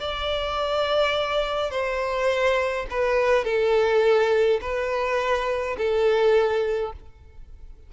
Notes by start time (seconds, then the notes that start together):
0.00 D5
1.71 C5
2.90 B4
3.44 A4
4.61 B4
5.77 A4